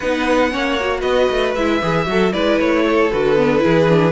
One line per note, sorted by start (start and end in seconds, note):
0.00 0.53 B3
0.00 0.51 D#4
0.00 0.50 B4
0.00 1.00 F#5
0.51 1.03 A#3
0.51 0.77 C#4
0.51 0.99 C#5
0.79 1.57 F#4
0.99 1.29 B3
0.99 2.02 B4
0.99 1.52 D#5
1.30 1.55 A3
1.55 1.81 G#3
1.55 1.82 E4
1.55 2.32 E5
1.82 2.07 E3
1.82 2.06 G#4
2.06 2.33 F#3
2.06 2.32 F#4
2.06 2.33 A4
2.32 2.59 G#3
2.32 3.10 E4
2.32 2.84 B4
2.32 2.58 D5
2.59 3.11 A3
2.59 3.11 C#5
2.86 3.63 A4
3.11 3.64 D3
3.11 3.35 F#4
3.11 4.11 B4
3.35 3.59 B3
3.59 3.85 E4
3.59 4.11 G#4
3.65 4.11 E3
3.89 4.11 D4